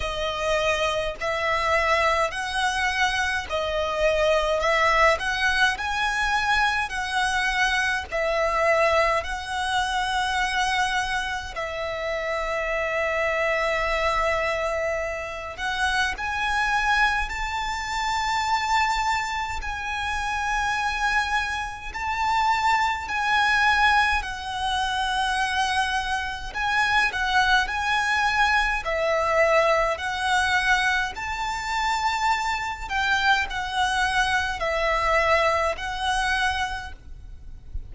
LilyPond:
\new Staff \with { instrumentName = "violin" } { \time 4/4 \tempo 4 = 52 dis''4 e''4 fis''4 dis''4 | e''8 fis''8 gis''4 fis''4 e''4 | fis''2 e''2~ | e''4. fis''8 gis''4 a''4~ |
a''4 gis''2 a''4 | gis''4 fis''2 gis''8 fis''8 | gis''4 e''4 fis''4 a''4~ | a''8 g''8 fis''4 e''4 fis''4 | }